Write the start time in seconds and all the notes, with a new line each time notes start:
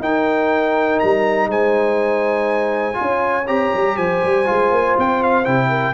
0.00 D#4 A#4 G5
1.00 G3 A#5
1.48 G#3 C5 G#5
2.94 F4 C#5
3.01 C#4
3.48 C4 G4 A#5
3.74 G3
3.96 F3 C5 G#5
4.24 G3
4.45 G#3 F4
4.72 A#3
4.98 C4 G5
5.23 F5
5.45 C3 E4 G5
5.69 A#4